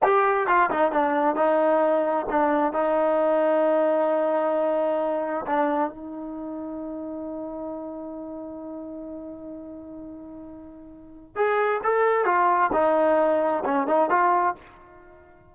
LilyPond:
\new Staff \with { instrumentName = "trombone" } { \time 4/4 \tempo 4 = 132 g'4 f'8 dis'8 d'4 dis'4~ | dis'4 d'4 dis'2~ | dis'1 | d'4 dis'2.~ |
dis'1~ | dis'1~ | dis'4 gis'4 a'4 f'4 | dis'2 cis'8 dis'8 f'4 | }